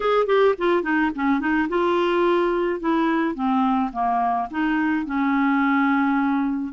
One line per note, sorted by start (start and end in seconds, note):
0.00 0.26 G#4
0.26 0.54 G4
0.58 0.83 F4
0.83 1.11 D#4
1.15 1.39 C#4
1.39 1.67 D#4
1.68 2.80 F4
2.80 3.34 E4
3.34 3.90 C4
3.92 4.48 A#3
4.50 5.05 D#4
5.05 6.73 C#4